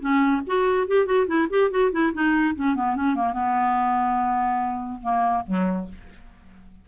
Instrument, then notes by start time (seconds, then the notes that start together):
clarinet
0.00 C#4
0.46 F#4
0.87 G4
1.06 F#4
1.27 E4
1.50 G4
1.70 F#4
1.91 E4
2.13 D#4
2.55 C#4
2.75 B3
2.96 C#4
3.15 A#3
3.33 B3
5.02 A#3
5.47 F#3